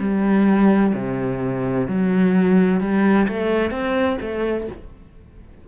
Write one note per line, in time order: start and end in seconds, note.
0.00 0.94 G3
0.94 1.88 C3
1.88 2.81 F#3
2.81 3.28 G3
3.28 3.71 A3
3.71 4.18 C4
4.21 4.68 A3